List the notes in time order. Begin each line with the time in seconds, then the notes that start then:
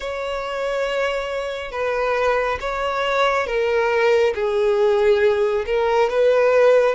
0.00 C#5
1.71 B4
2.60 C#5
3.46 A#4
4.34 G#4
5.66 A#4
6.09 B4